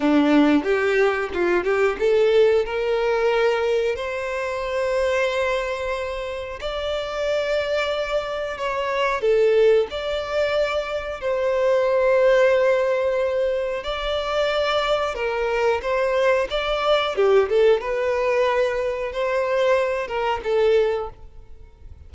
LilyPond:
\new Staff \with { instrumentName = "violin" } { \time 4/4 \tempo 4 = 91 d'4 g'4 f'8 g'8 a'4 | ais'2 c''2~ | c''2 d''2~ | d''4 cis''4 a'4 d''4~ |
d''4 c''2.~ | c''4 d''2 ais'4 | c''4 d''4 g'8 a'8 b'4~ | b'4 c''4. ais'8 a'4 | }